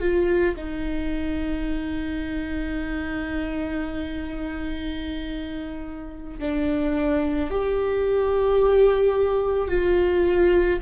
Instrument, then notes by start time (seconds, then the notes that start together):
viola
0.00 F4
0.57 D#4
6.39 D4
7.51 G4
9.68 F4